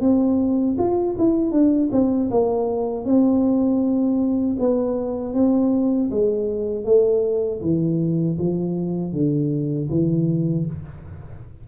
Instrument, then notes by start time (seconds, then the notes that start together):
tuba
0.00 C4
0.78 F4
1.18 E4
1.51 D4
1.92 C4
2.31 A#3
3.05 C4
4.59 B3
5.34 C4
6.11 G#3
6.85 A3
7.61 E3
8.38 F3
9.12 D3
9.90 E3